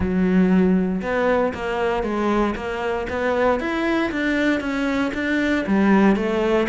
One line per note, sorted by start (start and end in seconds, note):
0.00 1.01 F#3
1.02 1.53 B3
1.53 2.03 A#3
2.03 2.54 G#3
2.55 3.06 A#3
3.09 3.60 B3
3.60 4.11 E4
4.11 4.60 D4
4.60 5.11 C#4
5.14 5.65 D4
5.67 6.16 G3
6.16 6.67 A3